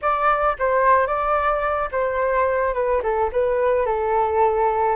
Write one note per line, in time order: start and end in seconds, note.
0.01 0.56 D5
0.58 1.06 C5
1.06 1.89 D5
1.91 2.74 C5
2.74 3.01 B4
3.03 3.30 A4
3.32 3.86 B4
3.86 4.96 A4